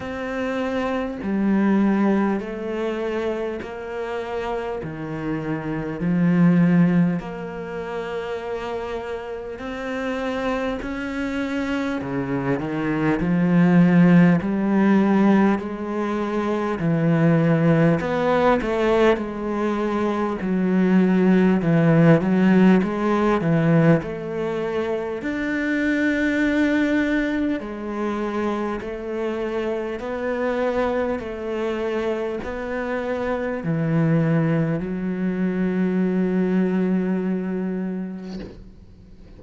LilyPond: \new Staff \with { instrumentName = "cello" } { \time 4/4 \tempo 4 = 50 c'4 g4 a4 ais4 | dis4 f4 ais2 | c'4 cis'4 cis8 dis8 f4 | g4 gis4 e4 b8 a8 |
gis4 fis4 e8 fis8 gis8 e8 | a4 d'2 gis4 | a4 b4 a4 b4 | e4 fis2. | }